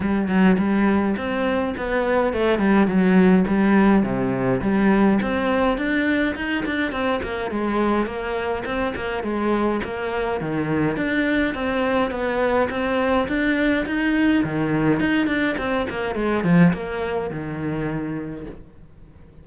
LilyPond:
\new Staff \with { instrumentName = "cello" } { \time 4/4 \tempo 4 = 104 g8 fis8 g4 c'4 b4 | a8 g8 fis4 g4 c4 | g4 c'4 d'4 dis'8 d'8 | c'8 ais8 gis4 ais4 c'8 ais8 |
gis4 ais4 dis4 d'4 | c'4 b4 c'4 d'4 | dis'4 dis4 dis'8 d'8 c'8 ais8 | gis8 f8 ais4 dis2 | }